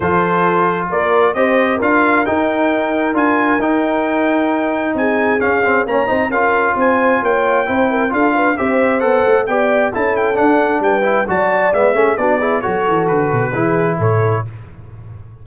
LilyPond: <<
  \new Staff \with { instrumentName = "trumpet" } { \time 4/4 \tempo 4 = 133 c''2 d''4 dis''4 | f''4 g''2 gis''4 | g''2. gis''4 | f''4 ais''4 f''4 gis''4 |
g''2 f''4 e''4 | fis''4 g''4 a''8 g''8 fis''4 | g''4 a''4 e''4 d''4 | cis''4 b'2 cis''4 | }
  \new Staff \with { instrumentName = "horn" } { \time 4/4 a'2 ais'4 c''4 | ais'1~ | ais'2. gis'4~ | gis'4 cis''8 c''8 ais'4 c''4 |
cis''4 c''8 ais'8 a'8 b'8 c''4~ | c''4 d''4 a'2 | b'4 d''4. gis'8 fis'8 gis'8 | a'2 gis'4 a'4 | }
  \new Staff \with { instrumentName = "trombone" } { \time 4/4 f'2. g'4 | f'4 dis'2 f'4 | dis'1 | cis'8 c'8 cis'8 dis'8 f'2~ |
f'4 e'4 f'4 g'4 | a'4 g'4 e'4 d'4~ | d'8 e'8 fis'4 b8 cis'8 d'8 e'8 | fis'2 e'2 | }
  \new Staff \with { instrumentName = "tuba" } { \time 4/4 f2 ais4 c'4 | d'4 dis'2 d'4 | dis'2. c'4 | cis'4 ais8 c'8 cis'4 c'4 |
ais4 c'4 d'4 c'4 | b8 a8 b4 cis'4 d'4 | g4 fis4 gis8 a8 b4 | fis8 e8 d8 b,8 e4 a,4 | }
>>